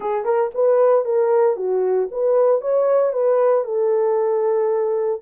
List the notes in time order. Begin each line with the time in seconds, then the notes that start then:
0.00 G#4
0.24 A#4
0.54 B4
1.04 A#4
1.56 F#4
2.11 B4
2.61 C#5
3.12 B4
3.64 A4